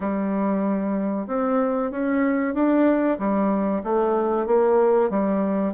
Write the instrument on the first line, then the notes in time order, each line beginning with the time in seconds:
bassoon
0.00 G3
1.27 C4
1.91 C#4
2.54 D4
3.18 G3
3.83 A3
4.46 A#3
5.10 G3